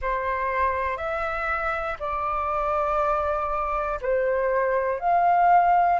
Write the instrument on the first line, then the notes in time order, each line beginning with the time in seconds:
flute
0.01 C5
0.97 E5
2.00 D5
4.01 C5
5.00 F5